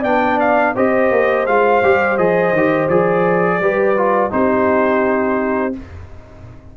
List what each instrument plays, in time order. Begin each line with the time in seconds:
0.00 tuba B3, trombone D4, horn D5, trumpet G5
0.40 trumpet F5
0.74 tuba C4, trombone G4, horn C5, trumpet D#5
1.11 tuba A#3
1.46 tuba G#3, trombone F4, trumpet F5
1.83 tuba G3, trombone G4
2.17 tuba F3, trombone G#4, trumpet D#5
2.52 tuba D#3, trombone G4
2.89 tuba F3, trombone G#4, trumpet D5
3.60 tuba G3, trombone G4, horn B4
3.97 trombone F4
4.30 tuba C4, trombone D#4, horn G4, trumpet C5